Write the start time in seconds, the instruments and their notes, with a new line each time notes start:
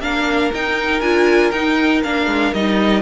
0.00 cello A#3, viola D4, violin A#4 F5
0.54 viola D#4, cello D#4, violin G5
1.01 cello D4, viola F4, violin G#5
1.51 cello D#4, viola D#4, violin G5
2.04 cello A#3, viola D4, violin F5
2.26 cello G#3
2.54 cello G3, viola D#4, violin D#5